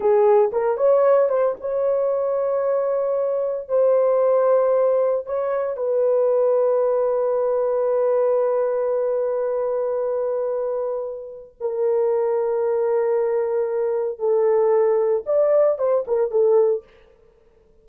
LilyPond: \new Staff \with { instrumentName = "horn" } { \time 4/4 \tempo 4 = 114 gis'4 ais'8 cis''4 c''8 cis''4~ | cis''2. c''4~ | c''2 cis''4 b'4~ | b'1~ |
b'1~ | b'2 ais'2~ | ais'2. a'4~ | a'4 d''4 c''8 ais'8 a'4 | }